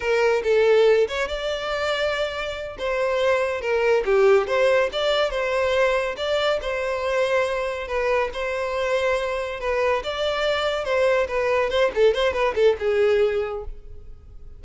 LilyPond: \new Staff \with { instrumentName = "violin" } { \time 4/4 \tempo 4 = 141 ais'4 a'4. cis''8 d''4~ | d''2~ d''8 c''4.~ | c''8 ais'4 g'4 c''4 d''8~ | d''8 c''2 d''4 c''8~ |
c''2~ c''8 b'4 c''8~ | c''2~ c''8 b'4 d''8~ | d''4. c''4 b'4 c''8 | a'8 c''8 b'8 a'8 gis'2 | }